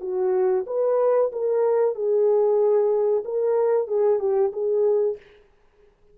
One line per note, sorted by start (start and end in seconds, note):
0.00 0.65 F#4
0.66 1.31 B4
1.32 1.95 A#4
1.95 3.24 G#4
3.24 3.87 A#4
3.87 4.19 G#4
4.19 4.52 G4
4.52 5.17 G#4